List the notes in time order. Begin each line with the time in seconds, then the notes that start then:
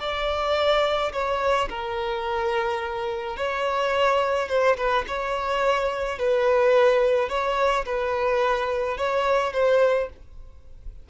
0.00 D5
1.13 C#5
1.69 A#4
3.36 C#5
4.49 C5
4.77 B4
5.08 C#5
6.19 B4
7.29 C#5
7.85 B4
8.97 C#5
9.53 C5